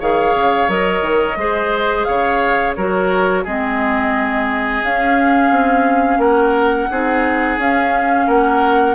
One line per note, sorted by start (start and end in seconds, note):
0.00 0.35 D#3
0.00 0.69 G#4
0.00 1.38 C#5
0.00 0.70 F5
0.35 0.68 C#3
0.68 1.02 F#3
0.68 1.38 A#4
0.68 2.05 D#5
1.02 1.36 D#3
1.36 2.05 G#3
1.36 2.77 G#4
1.36 2.07 C5
2.05 2.77 C#3
2.05 2.76 C#5
2.05 2.74 F5
2.75 3.46 F#3
2.75 3.46 F#4
2.75 3.44 A#4
2.75 3.44 C#5
3.44 4.83 G#3
3.44 4.84 C4
3.44 6.20 G#4
3.44 4.84 D#5
4.83 5.51 C#4
4.83 6.91 C#4
4.83 6.21 F5
5.51 6.18 C4
6.18 6.87 A#3
6.18 6.89 A#4
6.18 7.59 F#5
6.91 7.58 C4
6.91 7.60 D#4
6.91 8.27 G#4
7.58 8.27 C#4
7.58 8.95 C#4
7.58 8.29 F5
8.27 8.95 A#3
8.27 8.95 A#4
8.27 8.95 F#5